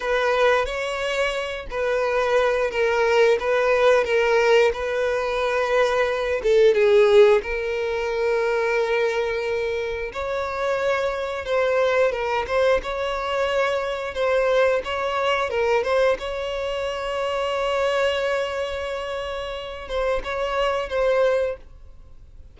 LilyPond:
\new Staff \with { instrumentName = "violin" } { \time 4/4 \tempo 4 = 89 b'4 cis''4. b'4. | ais'4 b'4 ais'4 b'4~ | b'4. a'8 gis'4 ais'4~ | ais'2. cis''4~ |
cis''4 c''4 ais'8 c''8 cis''4~ | cis''4 c''4 cis''4 ais'8 c''8 | cis''1~ | cis''4. c''8 cis''4 c''4 | }